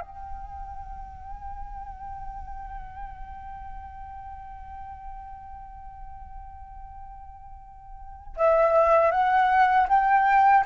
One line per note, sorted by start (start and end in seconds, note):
0.00 8.35 G5
8.36 9.11 E5
9.11 9.87 F#5
9.88 10.64 G5